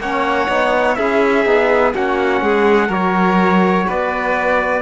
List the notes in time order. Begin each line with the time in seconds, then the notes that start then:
0.00 A#3 C#4 C#5 F#5
0.49 B3 D#4
0.95 C#4 E4 G#4 E5
1.46 B3 D#4
1.95 A#3 C#4 F#4 F#5
2.42 G#3 G#4
2.89 F#3 F#4 A#4 C#5
3.87 B3 B4 D5